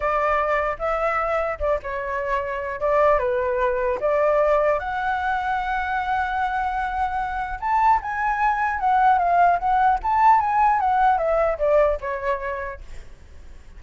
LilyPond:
\new Staff \with { instrumentName = "flute" } { \time 4/4 \tempo 4 = 150 d''2 e''2 | d''8 cis''2~ cis''8 d''4 | b'2 d''2 | fis''1~ |
fis''2. a''4 | gis''2 fis''4 f''4 | fis''4 a''4 gis''4 fis''4 | e''4 d''4 cis''2 | }